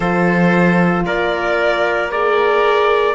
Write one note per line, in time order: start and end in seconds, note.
0.00 1.04 F3
0.00 2.11 F4
0.00 1.05 A4
0.00 1.03 C5
1.05 3.14 A#3
1.05 2.11 A#4
1.05 2.10 D5
2.10 3.14 G#4
2.10 3.14 A#4
2.10 3.14 D5